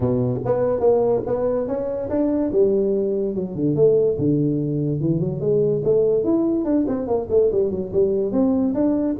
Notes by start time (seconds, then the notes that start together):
0.00 B2
0.45 B3
0.80 A#3
1.26 B3
1.67 C#4
2.09 D4
2.52 G3
3.34 F#3
3.55 D3
3.75 A3
4.18 D3
5.00 E3
5.20 F#3
5.40 G#3
5.84 A3
6.23 E4
6.64 D4
6.87 C4
7.07 A#3
7.30 A3
7.51 G3
7.71 F#3
7.92 G3
8.32 C4
8.74 D4